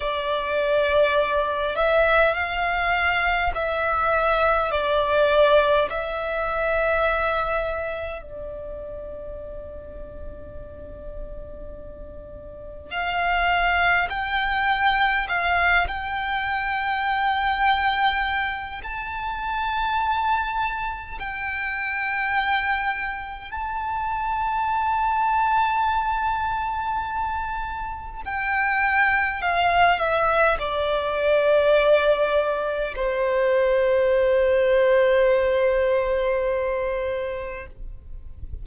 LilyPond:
\new Staff \with { instrumentName = "violin" } { \time 4/4 \tempo 4 = 51 d''4. e''8 f''4 e''4 | d''4 e''2 d''4~ | d''2. f''4 | g''4 f''8 g''2~ g''8 |
a''2 g''2 | a''1 | g''4 f''8 e''8 d''2 | c''1 | }